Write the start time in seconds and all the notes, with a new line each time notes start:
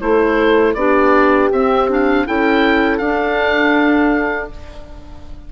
0.00 A3 E4 A4 C5
0.74 B3 D4 G4 D5
1.51 C4 E5
1.89 D4 F5
2.25 C#4 E4 A4 G5
2.98 D4 F5